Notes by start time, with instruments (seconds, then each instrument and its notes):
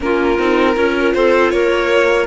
0.00 cello A#3, viola C#4, clarinet F4, violin A#4
0.38 cello C4, viola D#4
0.75 cello C#4, viola F4, clarinet A#4
1.13 cello C4, clarinet A4, violin C5
1.50 cello A#3, clarinet A#4, violin C#5